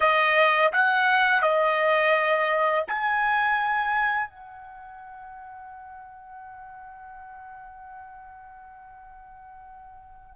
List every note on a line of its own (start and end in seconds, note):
0.00 0.71 D#5
0.72 1.42 F#5
1.42 2.84 D#5
2.87 4.29 G#5
4.29 10.35 F#5